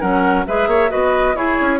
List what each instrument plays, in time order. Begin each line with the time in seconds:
0.00 bassoon F#3, clarinet C#4, oboe A#4, flute F#5
0.47 bassoon G#3, clarinet G#4, oboe B4, flute E5
0.67 bassoon A#3, oboe C#5
0.90 bassoon B3, clarinet F#4, oboe B4, flute D#5
1.35 bassoon E4, clarinet E4, oboe G#4, flute C#5
1.61 bassoon C#4